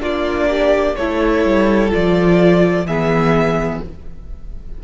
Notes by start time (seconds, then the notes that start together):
0.00 A#3 D4 F4 D5
0.50 G4
0.96 A3 E4 A4 C#5
1.46 G3
1.91 F3 F4 D5
2.86 E3 B3 G#4 E5